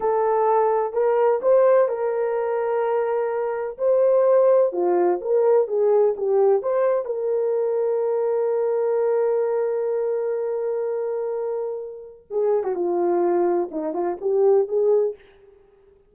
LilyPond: \new Staff \with { instrumentName = "horn" } { \time 4/4 \tempo 4 = 127 a'2 ais'4 c''4 | ais'1 | c''2 f'4 ais'4 | gis'4 g'4 c''4 ais'4~ |
ais'1~ | ais'1~ | ais'2 gis'8. fis'16 f'4~ | f'4 dis'8 f'8 g'4 gis'4 | }